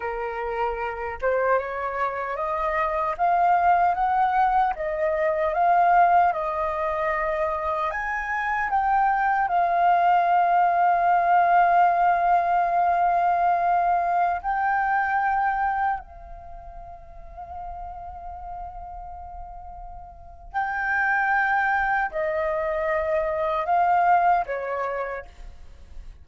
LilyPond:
\new Staff \with { instrumentName = "flute" } { \time 4/4 \tempo 4 = 76 ais'4. c''8 cis''4 dis''4 | f''4 fis''4 dis''4 f''4 | dis''2 gis''4 g''4 | f''1~ |
f''2~ f''16 g''4.~ g''16~ | g''16 f''2.~ f''8.~ | f''2 g''2 | dis''2 f''4 cis''4 | }